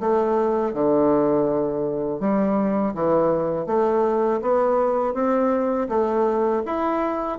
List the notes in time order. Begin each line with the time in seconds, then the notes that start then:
0.00 A3
0.74 D3
2.20 G3
2.95 E3
3.67 A3
4.41 B3
5.14 C4
5.89 A3
6.66 E4